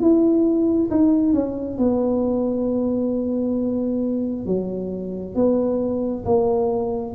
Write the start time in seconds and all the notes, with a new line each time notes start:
0.00 E4
0.91 D#4
1.34 C#4
1.78 B3
4.46 F#3
5.35 B3
6.25 A#3